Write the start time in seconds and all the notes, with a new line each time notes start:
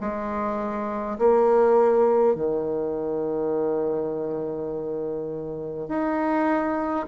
0.00 G#3
1.18 A#3
2.35 D#3
5.88 D#4